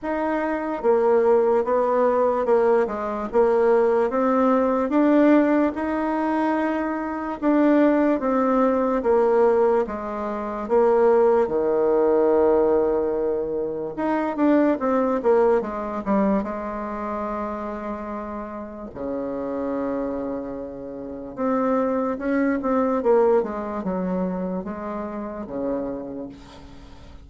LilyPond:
\new Staff \with { instrumentName = "bassoon" } { \time 4/4 \tempo 4 = 73 dis'4 ais4 b4 ais8 gis8 | ais4 c'4 d'4 dis'4~ | dis'4 d'4 c'4 ais4 | gis4 ais4 dis2~ |
dis4 dis'8 d'8 c'8 ais8 gis8 g8 | gis2. cis4~ | cis2 c'4 cis'8 c'8 | ais8 gis8 fis4 gis4 cis4 | }